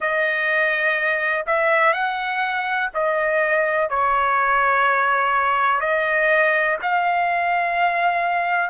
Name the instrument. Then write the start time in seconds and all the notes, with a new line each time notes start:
trumpet
0.00 D#5
1.46 E5
1.93 F#5
2.93 D#5
3.89 C#5
5.80 D#5
6.82 F5